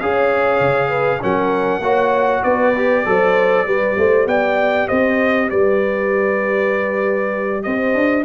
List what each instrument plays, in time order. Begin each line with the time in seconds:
0.00 tuba C#4, trombone G#4, horn C#5, trumpet F5
0.60 tuba C#3
0.89 horn B4
1.21 tuba F#3, trombone C#4, horn A#4, trumpet F#5
1.80 tuba A#3, trombone F#4, horn C#5
2.43 tuba B3, horn B4, trumpet D5
2.76 trombone G4
3.06 tuba F#3, trombone A4, horn C5
3.66 tuba G3, trombone G4, horn B4
3.98 tuba A3, horn C5
4.26 tuba B3, horn D5, trumpet G5
4.88 tuba C4, horn C5, trumpet D#5
5.50 tuba G3, horn B4, trumpet D5
7.63 tuba C4, horn C5, trumpet D#5
7.95 tuba D4